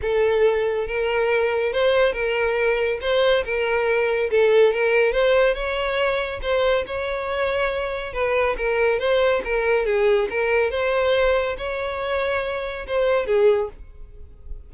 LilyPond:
\new Staff \with { instrumentName = "violin" } { \time 4/4 \tempo 4 = 140 a'2 ais'2 | c''4 ais'2 c''4 | ais'2 a'4 ais'4 | c''4 cis''2 c''4 |
cis''2. b'4 | ais'4 c''4 ais'4 gis'4 | ais'4 c''2 cis''4~ | cis''2 c''4 gis'4 | }